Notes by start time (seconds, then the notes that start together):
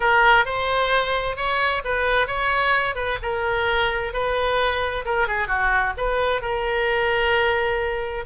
0.00 A#4
0.45 C5
1.36 C#5
1.84 B4
2.27 C#5
2.95 B4
3.22 A#4
4.13 B4
5.05 A#4
5.27 G#4
5.47 F#4
5.97 B4
6.41 A#4